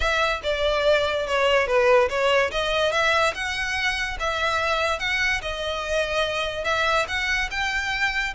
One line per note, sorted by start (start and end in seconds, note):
0.00 0.41 E5
0.43 1.26 D5
1.26 1.67 C#5
1.67 2.08 B4
2.09 2.50 C#5
2.51 2.91 D#5
2.91 3.33 E5
3.34 4.17 F#5
4.19 4.99 E5
4.99 5.41 F#5
5.41 6.64 D#5
6.64 7.06 E5
7.08 7.49 F#5
7.50 8.34 G5